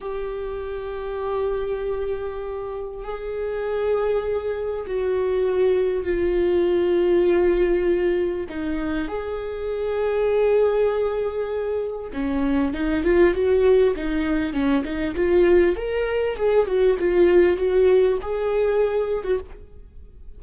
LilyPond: \new Staff \with { instrumentName = "viola" } { \time 4/4 \tempo 4 = 99 g'1~ | g'4 gis'2. | fis'2 f'2~ | f'2 dis'4 gis'4~ |
gis'1 | cis'4 dis'8 f'8 fis'4 dis'4 | cis'8 dis'8 f'4 ais'4 gis'8 fis'8 | f'4 fis'4 gis'4.~ gis'16 fis'16 | }